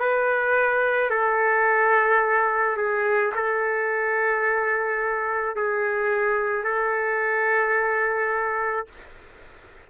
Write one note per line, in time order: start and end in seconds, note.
0.00 1.11 B4
1.11 2.77 A4
2.77 3.33 G#4
3.35 5.56 A4
5.56 6.65 G#4
6.65 8.87 A4